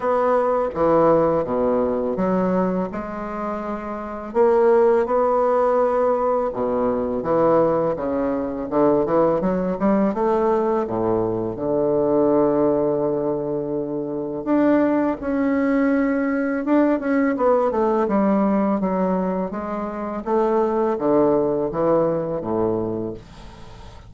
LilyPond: \new Staff \with { instrumentName = "bassoon" } { \time 4/4 \tempo 4 = 83 b4 e4 b,4 fis4 | gis2 ais4 b4~ | b4 b,4 e4 cis4 | d8 e8 fis8 g8 a4 a,4 |
d1 | d'4 cis'2 d'8 cis'8 | b8 a8 g4 fis4 gis4 | a4 d4 e4 a,4 | }